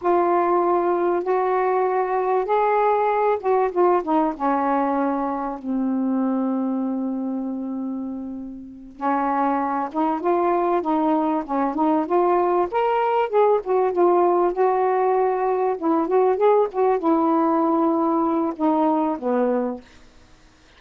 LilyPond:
\new Staff \with { instrumentName = "saxophone" } { \time 4/4 \tempo 4 = 97 f'2 fis'2 | gis'4. fis'8 f'8 dis'8 cis'4~ | cis'4 c'2.~ | c'2~ c'8 cis'4. |
dis'8 f'4 dis'4 cis'8 dis'8 f'8~ | f'8 ais'4 gis'8 fis'8 f'4 fis'8~ | fis'4. e'8 fis'8 gis'8 fis'8 e'8~ | e'2 dis'4 b4 | }